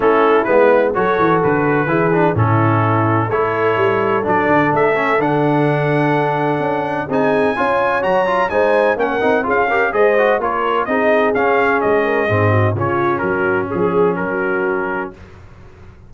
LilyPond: <<
  \new Staff \with { instrumentName = "trumpet" } { \time 4/4 \tempo 4 = 127 a'4 b'4 cis''4 b'4~ | b'4 a'2 cis''4~ | cis''4 d''4 e''4 fis''4~ | fis''2. gis''4~ |
gis''4 ais''4 gis''4 fis''4 | f''4 dis''4 cis''4 dis''4 | f''4 dis''2 cis''4 | ais'4 gis'4 ais'2 | }
  \new Staff \with { instrumentName = "horn" } { \time 4/4 e'2 a'2 | gis'4 e'2 a'4~ | a'1~ | a'2. gis'4 |
cis''2 c''4 ais'4 | gis'8 ais'8 c''4 ais'4 gis'4~ | gis'4. ais'8 gis'8 fis'8 f'4 | fis'4 gis'4 fis'2 | }
  \new Staff \with { instrumentName = "trombone" } { \time 4/4 cis'4 b4 fis'2 | e'8 d'8 cis'2 e'4~ | e'4 d'4. cis'8 d'4~ | d'2. dis'4 |
f'4 fis'8 f'8 dis'4 cis'8 dis'8 | f'8 g'8 gis'8 fis'8 f'4 dis'4 | cis'2 c'4 cis'4~ | cis'1 | }
  \new Staff \with { instrumentName = "tuba" } { \time 4/4 a4 gis4 fis8 e8 d4 | e4 a,2 a4 | g4 fis8 d8 a4 d4~ | d2 cis'4 c'4 |
cis'4 fis4 gis4 ais8 c'8 | cis'4 gis4 ais4 c'4 | cis'4 gis4 gis,4 cis4 | fis4 f4 fis2 | }
>>